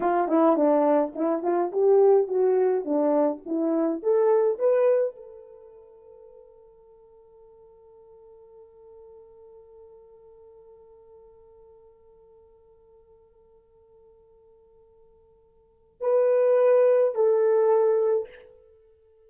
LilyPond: \new Staff \with { instrumentName = "horn" } { \time 4/4 \tempo 4 = 105 f'8 e'8 d'4 e'8 f'8 g'4 | fis'4 d'4 e'4 a'4 | b'4 a'2.~ | a'1~ |
a'1~ | a'1~ | a'1 | b'2 a'2 | }